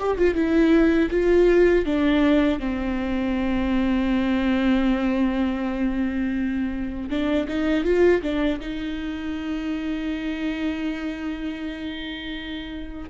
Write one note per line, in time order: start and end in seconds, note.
0.00 0.18 G4
0.18 0.35 F4
0.35 1.10 E4
1.11 1.86 F4
1.86 2.60 D4
2.60 7.10 C4
7.10 7.48 D4
7.48 7.85 D#4
7.85 8.22 F4
8.23 8.60 D4
8.61 13.10 D#4